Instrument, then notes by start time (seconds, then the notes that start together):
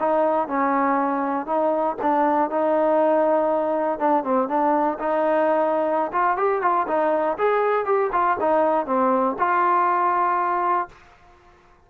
trombone
0.00 D#4
0.48 C#4
1.46 D#4
2.02 D4
2.50 D#4
3.99 D4
4.24 C4
4.48 D4
4.99 D#4
6.12 F4
6.37 G4
6.62 F4
6.88 D#4
7.38 G#4
7.85 G4
8.12 F4
8.40 D#4
8.86 C4
9.39 F4